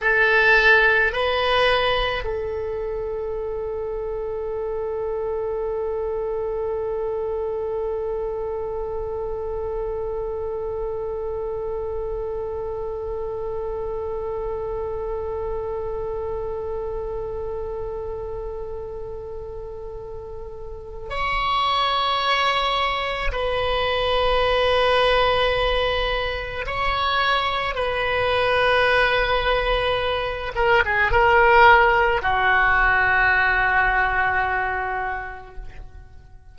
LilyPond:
\new Staff \with { instrumentName = "oboe" } { \time 4/4 \tempo 4 = 54 a'4 b'4 a'2~ | a'1~ | a'1~ | a'1~ |
a'2. cis''4~ | cis''4 b'2. | cis''4 b'2~ b'8 ais'16 gis'16 | ais'4 fis'2. | }